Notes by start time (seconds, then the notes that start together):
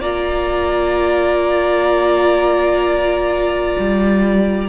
0.00 A#3 F4 D5 A#5
3.79 G3